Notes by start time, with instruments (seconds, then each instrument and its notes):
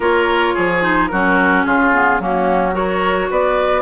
0.00 bassoon A#3, clarinet F4, oboe A#4, flute C#5
0.54 bassoon F3, oboe G#4
0.81 clarinet D#4, flute C5
1.07 bassoon F#3, clarinet C#4, oboe F#4, flute A#4
1.64 bassoon C#3, oboe F4, flute G#4
1.93 clarinet B3
2.19 bassoon F#3, clarinet A#3, oboe C#4, flute F#4
2.72 clarinet F#4, oboe A#4, flute C#5
3.30 bassoon B3, oboe B4, flute D5